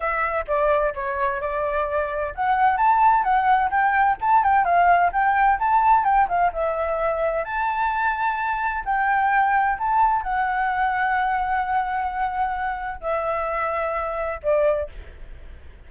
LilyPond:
\new Staff \with { instrumentName = "flute" } { \time 4/4 \tempo 4 = 129 e''4 d''4 cis''4 d''4~ | d''4 fis''4 a''4 fis''4 | g''4 a''8 g''8 f''4 g''4 | a''4 g''8 f''8 e''2 |
a''2. g''4~ | g''4 a''4 fis''2~ | fis''1 | e''2. d''4 | }